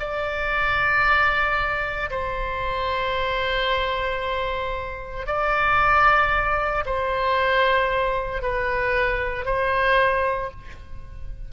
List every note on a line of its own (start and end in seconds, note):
0.00 2.11 D5
2.11 5.27 C5
5.27 6.85 D5
6.86 8.43 C5
8.43 9.45 B4
9.45 10.51 C5